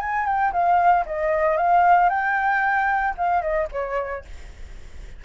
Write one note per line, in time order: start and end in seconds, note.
0.00 0.26 G#5
0.26 0.52 G5
0.52 1.05 F5
1.06 1.57 D#5
1.57 2.09 F5
2.09 3.15 G5
3.17 3.42 F5
3.42 3.68 D#5
3.72 4.24 C#5